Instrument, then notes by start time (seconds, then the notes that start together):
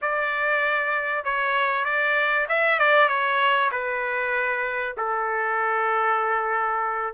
trumpet
0.01 D5
1.24 C#5
1.84 D5
2.48 E5
2.79 D5
3.08 C#5
3.71 B4
4.97 A4